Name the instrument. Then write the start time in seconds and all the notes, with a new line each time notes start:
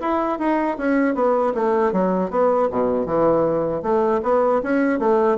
bassoon
0.00 E4
0.38 D#4
0.77 C#4
1.14 B3
1.54 A3
1.92 F#3
2.30 B3
2.70 B2
3.06 E3
3.82 A3
4.23 B3
4.62 C#4
4.99 A3